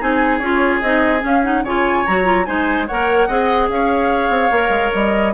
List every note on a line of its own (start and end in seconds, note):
0.00 0.40 C4
0.00 0.42 D#4
0.00 1.64 G#4
0.00 0.40 G#5
0.40 0.82 C#4
0.40 0.83 F4
0.40 0.81 C#5
0.82 1.23 C4
0.82 1.20 D#4
0.82 1.23 D#5
1.20 1.41 C#4
1.20 1.63 C#4
1.26 1.44 F5
1.44 1.64 D#4
1.44 1.65 F#5
1.63 2.05 C#3
1.63 2.08 F4
1.63 2.47 C#5
1.63 2.06 G#5
2.06 2.48 F#3
2.06 2.24 F#4
2.06 2.46 A#5
2.24 2.45 F4
2.46 2.89 G#3
2.46 2.87 D#4
2.46 2.87 C5
2.46 2.87 G#5
2.87 3.29 A#3
2.87 3.30 A#4
2.87 3.28 C#5
2.87 3.69 F#5
3.28 3.69 C4
3.28 4.53 G#4
3.28 3.69 D#5
3.69 4.30 C#4
3.69 5.34 C#5
3.69 4.93 F5
4.30 4.50 C4
4.51 4.70 A#3
4.51 5.34 A#4
4.70 4.90 G#3
4.94 5.34 G3
4.94 5.34 D#5